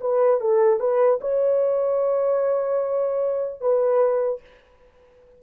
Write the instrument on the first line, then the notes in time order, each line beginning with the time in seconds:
horn
0.00 B4
0.40 A4
0.79 B4
1.20 C#5
3.60 B4